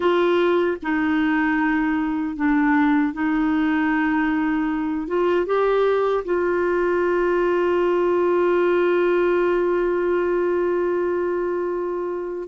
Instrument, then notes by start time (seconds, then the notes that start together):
clarinet
0.00 F4
0.82 D#4
2.36 D4
3.13 D#4
5.07 F4
5.46 G4
6.24 F4